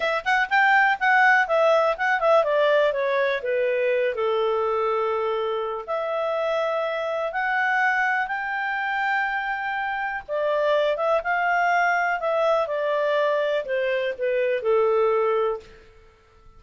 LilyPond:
\new Staff \with { instrumentName = "clarinet" } { \time 4/4 \tempo 4 = 123 e''8 fis''8 g''4 fis''4 e''4 | fis''8 e''8 d''4 cis''4 b'4~ | b'8 a'2.~ a'8 | e''2. fis''4~ |
fis''4 g''2.~ | g''4 d''4. e''8 f''4~ | f''4 e''4 d''2 | c''4 b'4 a'2 | }